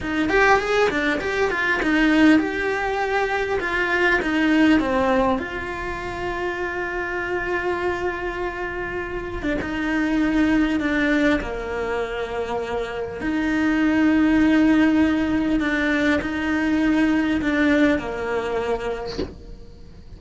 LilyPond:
\new Staff \with { instrumentName = "cello" } { \time 4/4 \tempo 4 = 100 dis'8 g'8 gis'8 d'8 g'8 f'8 dis'4 | g'2 f'4 dis'4 | c'4 f'2.~ | f'2.~ f'8. d'16 |
dis'2 d'4 ais4~ | ais2 dis'2~ | dis'2 d'4 dis'4~ | dis'4 d'4 ais2 | }